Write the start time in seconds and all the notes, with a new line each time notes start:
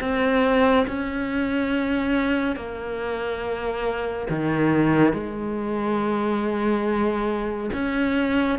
0.00 C4
0.87 C#4
2.56 A#3
4.29 D#3
5.13 G#3
7.73 C#4